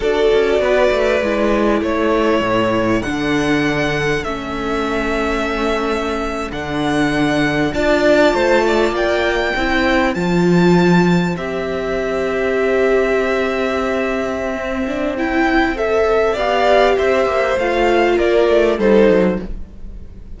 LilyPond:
<<
  \new Staff \with { instrumentName = "violin" } { \time 4/4 \tempo 4 = 99 d''2. cis''4~ | cis''4 fis''2 e''4~ | e''2~ e''8. fis''4~ fis''16~ | fis''8. a''2 g''4~ g''16~ |
g''8. a''2 e''4~ e''16~ | e''1~ | e''4 g''4 e''4 f''4 | e''4 f''4 d''4 c''4 | }
  \new Staff \with { instrumentName = "violin" } { \time 4/4 a'4 b'2 a'4~ | a'1~ | a'1~ | a'8. d''4 c''8 d''4. c''16~ |
c''1~ | c''1~ | c''2. d''4 | c''2 ais'4 a'4 | }
  \new Staff \with { instrumentName = "viola" } { \time 4/4 fis'2 e'2~ | e'4 d'2 cis'4~ | cis'2~ cis'8. d'4~ d'16~ | d'8. f'2. e'16~ |
e'8. f'2 g'4~ g'16~ | g'1 | c'8 d'8 e'4 a'4 g'4~ | g'4 f'2 dis'4 | }
  \new Staff \with { instrumentName = "cello" } { \time 4/4 d'8 cis'8 b8 a8 gis4 a4 | a,4 d2 a4~ | a2~ a8. d4~ d16~ | d8. d'4 a4 ais4 c'16~ |
c'8. f2 c'4~ c'16~ | c'1~ | c'2. b4 | c'8 ais8 a4 ais8 a8 g8 fis8 | }
>>